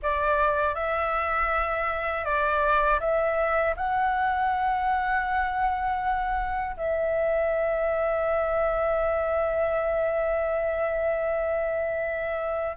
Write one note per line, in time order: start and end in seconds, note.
0.02 0.74 D5
0.74 2.24 E5
2.24 2.99 D5
3.00 3.75 E5
3.76 6.76 F#5
6.76 12.76 E5